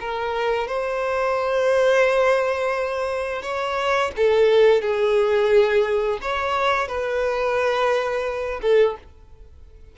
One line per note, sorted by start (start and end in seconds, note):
0.00 0.67 A#4
0.67 3.42 C5
3.42 4.11 C#5
4.17 4.81 A4
4.81 6.19 G#4
6.21 6.87 C#5
6.87 8.60 B4
8.62 8.96 A4